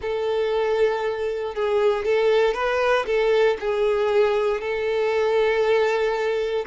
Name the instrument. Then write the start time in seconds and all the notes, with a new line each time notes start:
violin
0.01 A4
1.55 G#4
2.04 A4
2.54 B4
3.06 A4
3.59 G#4
4.60 A4